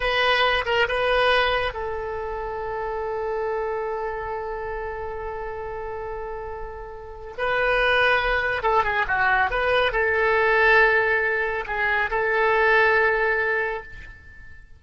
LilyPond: \new Staff \with { instrumentName = "oboe" } { \time 4/4 \tempo 4 = 139 b'4. ais'8 b'2 | a'1~ | a'1~ | a'1~ |
a'4 b'2. | a'8 gis'8 fis'4 b'4 a'4~ | a'2. gis'4 | a'1 | }